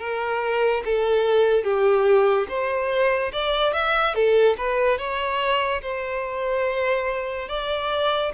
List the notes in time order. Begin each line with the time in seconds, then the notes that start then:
0.00 A#4
0.85 A4
1.64 G4
2.49 C5
3.33 D5
3.73 E5
4.15 A4
4.58 B4
4.98 C#5
5.82 C5
7.49 D5